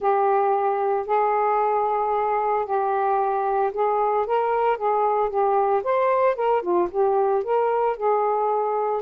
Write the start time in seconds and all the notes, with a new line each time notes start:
0.00 G4
1.06 G#4
2.65 G4
3.73 G#4
4.26 A#4
4.77 G#4
5.29 G4
5.83 C5
6.35 A#4
6.62 F4
6.91 G4
7.43 A#4
7.96 G#4